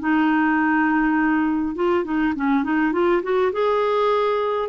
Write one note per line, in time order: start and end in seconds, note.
0.00 1.76 D#4
1.76 2.05 F4
2.05 2.34 D#4
2.36 2.64 C#4
2.64 2.93 D#4
2.93 3.22 F4
3.23 3.53 F#4
3.53 4.69 G#4